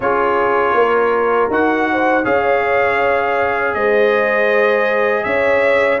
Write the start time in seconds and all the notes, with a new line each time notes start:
0.00 C#4 F4 G#4 C#5
0.73 A#3 A#4
1.50 D#4 F#4 F#5
1.91 C5
2.24 C#4 G#4 C#5 F5
3.74 G#3 C5 D#5
5.23 C#4 C#5 E5